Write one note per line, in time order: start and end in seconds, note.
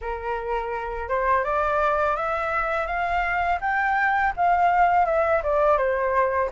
0.01 1.08 A#4
1.08 1.44 C5
1.44 2.16 D5
2.16 2.87 E5
2.87 3.59 F5
3.60 4.33 G5
4.36 5.05 F5
5.05 5.42 E5
5.42 5.77 D5
5.77 6.49 C5